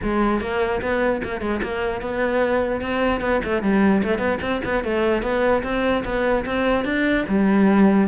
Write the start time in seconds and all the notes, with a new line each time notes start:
0.02 G#3
0.40 A#3
0.81 B3
1.24 A#3
1.40 G#3
1.62 A#3
2.01 B3
2.81 C4
3.20 B3
3.44 A3
3.62 G3
4.03 A3
4.18 B3
4.41 C4
4.64 B3
4.84 A3
5.22 B3
5.63 C4
6.04 B3
6.45 C4
6.84 D4
7.28 G3